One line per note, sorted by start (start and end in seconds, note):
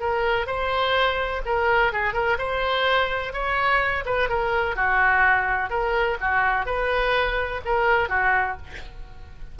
0.00 0.46 A#4
0.46 1.42 C5
1.45 1.92 A#4
1.92 2.13 G#4
2.13 2.37 A#4
2.38 3.33 C5
3.33 4.04 C#5
4.05 4.29 B4
4.29 4.76 A#4
4.76 5.70 F#4
5.70 6.17 A#4
6.21 6.66 F#4
6.66 7.61 B4
7.65 8.09 A#4
8.09 8.57 F#4